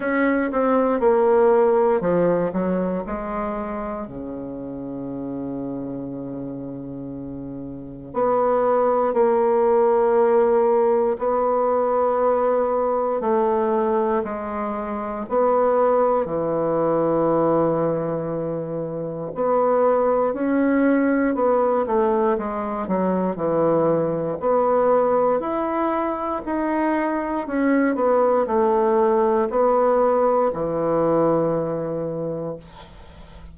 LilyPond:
\new Staff \with { instrumentName = "bassoon" } { \time 4/4 \tempo 4 = 59 cis'8 c'8 ais4 f8 fis8 gis4 | cis1 | b4 ais2 b4~ | b4 a4 gis4 b4 |
e2. b4 | cis'4 b8 a8 gis8 fis8 e4 | b4 e'4 dis'4 cis'8 b8 | a4 b4 e2 | }